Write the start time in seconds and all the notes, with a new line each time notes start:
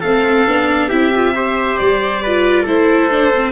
0.00 A3 C4 A4 F5
0.47 B3 D4
0.88 C4 E4 G4 E5
1.15 F4
1.34 G4 C5
1.77 G3 D5
2.22 F4 B4
2.62 A3 E4 A4 C5
3.10 D4
3.34 C4